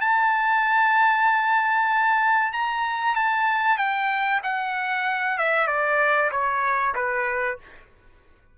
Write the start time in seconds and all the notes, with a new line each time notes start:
0.00 A5
2.52 A#5
3.15 A5
3.77 G5
4.43 F#5
5.37 E5
5.67 D5
6.31 C#5
6.94 B4